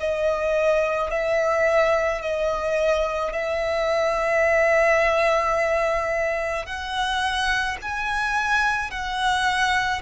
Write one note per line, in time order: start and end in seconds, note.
0.00 1.11 D#5
1.11 2.22 E5
2.22 3.33 D#5
3.33 6.66 E5
6.66 7.77 F#5
7.82 8.91 G#5
8.91 10.02 F#5